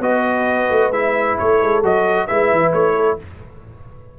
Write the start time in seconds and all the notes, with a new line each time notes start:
0.00 B3 F#4 B4 D#5
0.70 A3
0.91 G#3 E4 E5
1.38 A3 A4 C#5
1.62 G#3
1.83 F#3 F#4 D#5
2.27 G#3 E4 B4 E5
2.52 E3
2.73 A3 C#5
2.95 A4